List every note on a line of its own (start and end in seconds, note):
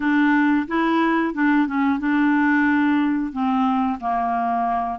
0.00 0.67 D4
0.67 1.33 E4
1.33 1.67 D4
1.67 1.99 C#4
1.99 3.32 D4
3.32 3.98 C4
4.00 4.99 A#3